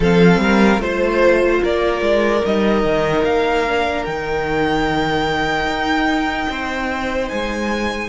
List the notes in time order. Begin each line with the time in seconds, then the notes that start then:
0.00 F3 C4 A4 F5
0.37 G3 A#4
0.78 A3 F4 C5
0.84 C5
1.62 A#3 A#4 D5
2.01 G#3
2.45 G3 D#4 D#5
2.84 D#3
3.23 A#3 F5
3.67 D4
4.05 D#3 D#4 G5
5.66 D#4
6.49 C4 C5
7.28 G#3 G#5